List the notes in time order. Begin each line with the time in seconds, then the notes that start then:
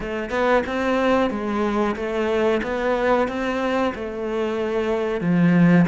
0.00 A3
0.30 B3
0.66 C4
1.30 G#3
1.96 A3
2.62 B3
3.28 C4
3.95 A3
5.20 F3